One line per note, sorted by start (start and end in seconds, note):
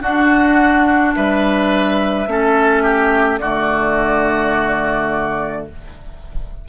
0.00 2.26 D4
0.00 1.14 D4
0.00 1.15 F#4
0.00 1.14 F#5
1.15 2.27 G3
1.15 2.29 B4
1.15 3.38 E5
2.27 3.40 A3
2.27 3.41 C#4
2.27 2.83 A4
2.83 3.39 G4
3.38 5.68 D3
3.38 5.68 A3
3.38 5.67 F#4
3.38 5.65 D5